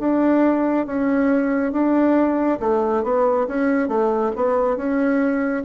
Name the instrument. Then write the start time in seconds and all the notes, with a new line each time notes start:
bassoon
0.00 D4
0.87 C#4
1.73 D4
2.60 A3
3.04 B3
3.48 C#4
3.89 A3
4.36 B3
4.77 C#4